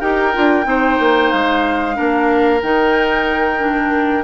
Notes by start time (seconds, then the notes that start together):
0.00 D#4 G4 A#4 G5
0.34 D4 F4
0.63 C4 D#4 C5
0.99 A#3
1.31 G#3 F5
1.94 A#3 D4 A#4
2.62 D#3 D#4 G5
3.58 D4